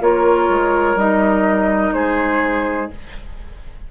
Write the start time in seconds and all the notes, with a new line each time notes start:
0.00 A#3 F4 A#4 C#5
0.49 G#3
0.95 G3 D#4 D#5
1.93 G#3 G#4 C5